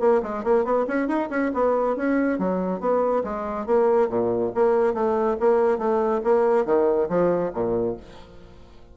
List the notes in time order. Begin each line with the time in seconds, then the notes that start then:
0.00 A#3
0.23 G#3
0.44 A#3
0.65 B3
0.88 C#4
1.08 D#4
1.30 C#4
1.54 B3
1.96 C#4
2.39 F#3
2.81 B3
3.24 G#3
3.66 A#3
4.09 A#2
4.55 A#3
4.94 A3
5.40 A#3
5.78 A3
6.24 A#3
6.66 D#3
7.09 F3
7.54 A#2